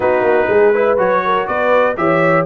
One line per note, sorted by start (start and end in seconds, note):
0.00 0.21 B3
0.00 0.73 D#4
0.00 0.49 F#4
0.00 0.98 B4
0.21 0.45 A#3
0.49 0.98 G#3
0.49 0.73 G#4
0.74 0.97 E4
0.74 1.24 B4
0.97 1.47 F#3
0.97 1.95 F#4
0.97 1.47 C#5
1.24 1.48 A#4
1.47 1.97 B3
1.47 1.97 B4
1.47 1.96 D5
1.96 2.45 E3
1.96 2.45 G4
1.96 2.45 C#5
1.96 2.45 E5